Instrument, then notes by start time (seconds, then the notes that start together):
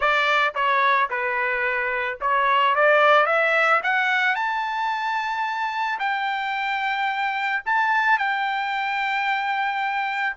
trumpet
0.00 D5
0.55 C#5
1.09 B4
2.21 C#5
2.75 D5
3.26 E5
3.83 F#5
4.35 A5
5.99 G5
7.65 A5
8.18 G5